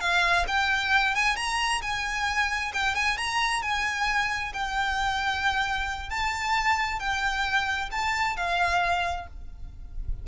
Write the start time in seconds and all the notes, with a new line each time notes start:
0.00 F5
0.47 G5
1.15 G#5
1.36 A#5
1.81 G#5
2.73 G5
2.95 G#5
3.17 A#5
3.62 G#5
4.53 G5
6.09 A5
6.99 G5
7.91 A5
8.36 F5